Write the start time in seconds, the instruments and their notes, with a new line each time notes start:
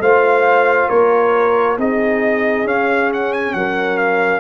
0.00 tuba A3, trombone F4, horn C5, trumpet F5
0.89 tuba A#3, horn A#4, trumpet C#5
1.78 tuba C4, trombone D#4, horn G#4, trumpet D#5
2.64 tuba C#4, trombone C#4, trumpet F5
3.13 trumpet F#5
3.33 trumpet G#5
3.53 tuba F#3, horn A#4, trumpet F#5
3.97 trumpet F5